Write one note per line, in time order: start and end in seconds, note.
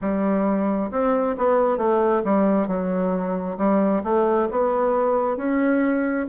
0.01 0.90 G3
0.91 1.36 C4
1.37 1.77 B3
1.77 2.22 A3
2.24 2.67 G3
2.67 3.57 F#3
3.57 4.02 G3
4.03 4.48 A3
4.51 5.36 B3
5.36 6.26 C#4